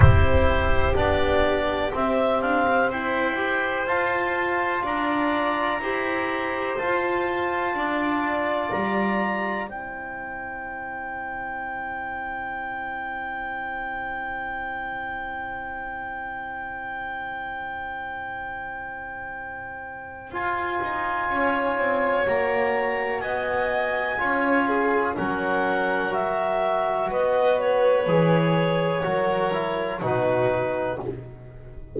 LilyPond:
<<
  \new Staff \with { instrumentName = "clarinet" } { \time 4/4 \tempo 4 = 62 c''4 d''4 e''8 f''8 g''4 | a''4 ais''2 a''4~ | a''4 ais''4 g''2~ | g''1~ |
g''1~ | g''4 gis''2 ais''4 | gis''2 fis''4 e''4 | dis''8 cis''2~ cis''8 b'4 | }
  \new Staff \with { instrumentName = "violin" } { \time 4/4 g'2. c''4~ | c''4 d''4 c''2 | d''2 c''2~ | c''1~ |
c''1~ | c''2 cis''2 | dis''4 cis''8 gis'8 ais'2 | b'2 ais'4 fis'4 | }
  \new Staff \with { instrumentName = "trombone" } { \time 4/4 e'4 d'4 c'4. g'8 | f'2 g'4 f'4~ | f'2 e'2~ | e'1~ |
e'1~ | e'4 f'2 fis'4~ | fis'4 f'4 cis'4 fis'4~ | fis'4 gis'4 fis'8 e'8 dis'4 | }
  \new Staff \with { instrumentName = "double bass" } { \time 4/4 c'4 b4 c'8 d'16 c'16 e'4 | f'4 d'4 e'4 f'4 | d'4 g4 c'2~ | c'1~ |
c'1~ | c'4 f'8 dis'8 cis'8 c'8 ais4 | b4 cis'4 fis2 | b4 e4 fis4 b,4 | }
>>